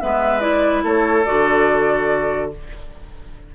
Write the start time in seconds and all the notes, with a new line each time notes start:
0.00 G#3 B3 B4 E5
0.40 E4 D5
0.84 A3 A4 C#5
1.25 D3 F#4 D5